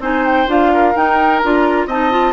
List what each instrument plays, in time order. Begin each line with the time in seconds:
0.00 bassoon C4, clarinet D#4, oboe C5, flute G#5
0.26 flute G5
0.48 bassoon D4, clarinet F4, flute F5
0.74 oboe A#4
0.96 clarinet D#4, bassoon D#4, flute G5
1.39 bassoon D4, clarinet F4, flute A#5
1.87 bassoon C4, clarinet D#4, oboe D#5, flute A5
2.11 clarinet F4